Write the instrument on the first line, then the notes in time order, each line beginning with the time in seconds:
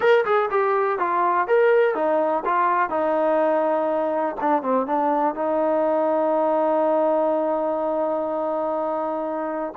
trombone
0.00 A#4
0.25 G#4
0.50 G4
0.98 F4
1.47 A#4
1.94 D#4
2.45 F4
2.89 D#4
4.40 D4
4.62 C4
4.86 D4
5.34 D#4